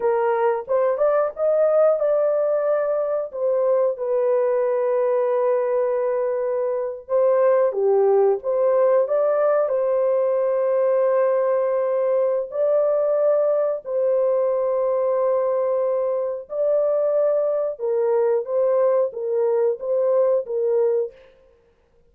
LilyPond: \new Staff \with { instrumentName = "horn" } { \time 4/4 \tempo 4 = 91 ais'4 c''8 d''8 dis''4 d''4~ | d''4 c''4 b'2~ | b'2~ b'8. c''4 g'16~ | g'8. c''4 d''4 c''4~ c''16~ |
c''2. d''4~ | d''4 c''2.~ | c''4 d''2 ais'4 | c''4 ais'4 c''4 ais'4 | }